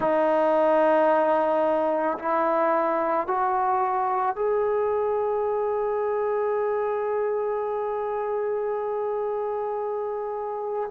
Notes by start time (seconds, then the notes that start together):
0.00 D#4
2.18 E4
3.27 F#4
4.35 G#4